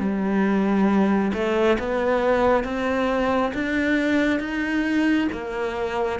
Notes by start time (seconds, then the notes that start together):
0.00 G3
1.34 A3
1.79 B3
2.65 C4
3.55 D4
4.40 D#4
5.33 A#3